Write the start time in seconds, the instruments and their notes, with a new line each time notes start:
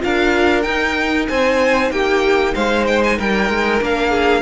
0.00 cello D4, viola F4, violin A#4 F5
0.62 viola D#4, cello D#4, violin G5
1.28 cello C4, violin C5 G#5
1.91 cello A#3, violin G4 G5
2.54 cello G#3, violin C5 F5
2.87 violin G5
3.04 violin G#5
3.18 cello G3, violin A#4 G5
3.50 cello G#3
3.81 cello A#3, viola D4, violin F5
4.10 violin G#4